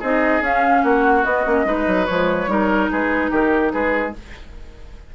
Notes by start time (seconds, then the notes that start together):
0.00 C4 D#4 G#4 D#5
0.41 C#4 F5
0.83 A#3 F#4 F#5
1.24 B3 D#5
1.46 A#3 C#4
1.65 G#3 D#4 B4
1.87 F#3
2.06 F3 G#3 C#5
2.48 G3 D#4 A#4
2.91 G#3 G#4 B4
3.31 D#3 G4 A#4
3.72 G#3 G#4 B4